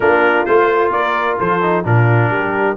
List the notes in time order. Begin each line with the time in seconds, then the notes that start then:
0.00 A#3 D4 F4 A#4
0.45 A3 F4 C5
0.91 A#3 A#4 D5
1.38 F3 A4 C5
1.61 D#4
1.84 A#2 D4 F4 A#4
2.29 G3 G4